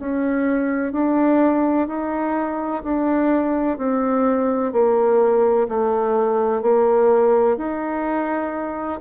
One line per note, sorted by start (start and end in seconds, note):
0.00 0.93 C#4
0.93 1.88 D4
1.88 2.83 D#4
2.84 3.78 D4
3.78 4.73 C4
4.73 5.68 A#3
5.69 6.62 A3
6.62 7.58 A#3
7.58 9.00 D#4